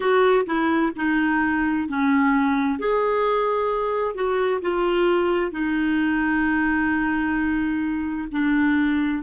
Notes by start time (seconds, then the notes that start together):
0.00 F#4
0.46 E4
0.96 D#4
1.88 C#4
2.79 G#4
4.15 F#4
4.62 F4
5.51 D#4
8.31 D4